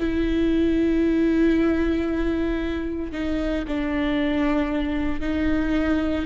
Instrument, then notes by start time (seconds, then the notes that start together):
viola
0.00 E4
3.12 D#4
3.68 D4
5.21 D#4